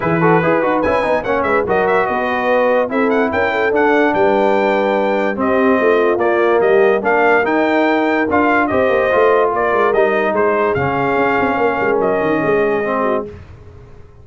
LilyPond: <<
  \new Staff \with { instrumentName = "trumpet" } { \time 4/4 \tempo 4 = 145 b'2 gis''4 fis''8 e''8 | dis''8 e''8 dis''2 e''8 fis''8 | g''4 fis''4 g''2~ | g''4 dis''2 d''4 |
dis''4 f''4 g''2 | f''4 dis''2 d''4 | dis''4 c''4 f''2~ | f''4 dis''2. | }
  \new Staff \with { instrumentName = "horn" } { \time 4/4 gis'8 a'8 b'2 cis''8 b'8 | ais'4 b'2 a'4 | ais'8 a'4. b'2~ | b'4 g'4 f'2 |
g'4 ais'2.~ | ais'4 c''2 ais'4~ | ais'4 gis'2. | ais'2 gis'4. fis'8 | }
  \new Staff \with { instrumentName = "trombone" } { \time 4/4 e'8 fis'8 gis'8 fis'8 e'8 dis'8 cis'4 | fis'2. e'4~ | e'4 d'2.~ | d'4 c'2 ais4~ |
ais4 d'4 dis'2 | f'4 g'4 f'2 | dis'2 cis'2~ | cis'2. c'4 | }
  \new Staff \with { instrumentName = "tuba" } { \time 4/4 e4 e'8 dis'8 cis'8 b8 ais8 gis8 | fis4 b2 c'4 | cis'4 d'4 g2~ | g4 c'4 a4 ais4 |
g4 ais4 dis'2 | d'4 c'8 ais8 a4 ais8 gis8 | g4 gis4 cis4 cis'8 c'8 | ais8 gis8 fis8 dis8 gis2 | }
>>